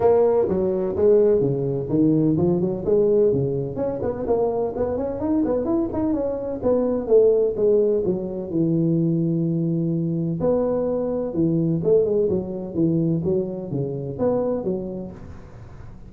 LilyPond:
\new Staff \with { instrumentName = "tuba" } { \time 4/4 \tempo 4 = 127 ais4 fis4 gis4 cis4 | dis4 f8 fis8 gis4 cis4 | cis'8 b8 ais4 b8 cis'8 dis'8 b8 | e'8 dis'8 cis'4 b4 a4 |
gis4 fis4 e2~ | e2 b2 | e4 a8 gis8 fis4 e4 | fis4 cis4 b4 fis4 | }